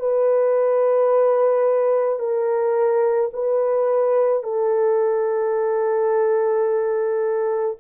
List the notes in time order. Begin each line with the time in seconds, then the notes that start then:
0.00 B4
2.20 A#4
3.33 B4
4.43 A4